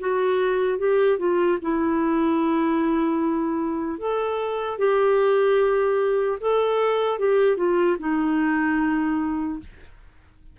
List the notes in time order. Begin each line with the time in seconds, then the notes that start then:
0.00 F#4
0.79 G4
1.19 F4
1.62 E4
3.99 A4
4.79 G4
6.41 A4
7.19 G4
7.57 F4
8.00 D#4